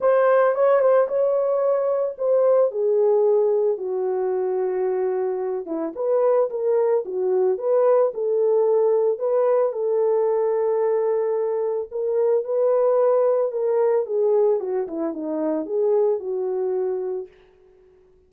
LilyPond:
\new Staff \with { instrumentName = "horn" } { \time 4/4 \tempo 4 = 111 c''4 cis''8 c''8 cis''2 | c''4 gis'2 fis'4~ | fis'2~ fis'8 e'8 b'4 | ais'4 fis'4 b'4 a'4~ |
a'4 b'4 a'2~ | a'2 ais'4 b'4~ | b'4 ais'4 gis'4 fis'8 e'8 | dis'4 gis'4 fis'2 | }